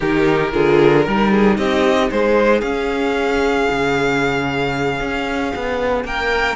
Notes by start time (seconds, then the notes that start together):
0.00 D#3 D#4 G4 A#4
0.52 D3 F4 G#4
1.05 G3 D#4 A#4
1.31 G#4
1.57 C4 G4 D#5
2.10 G#3 G#4 C5
2.61 C#4 F5
3.70 C#3
5.00 C#4
5.55 B3
6.04 A#3 A#4 G5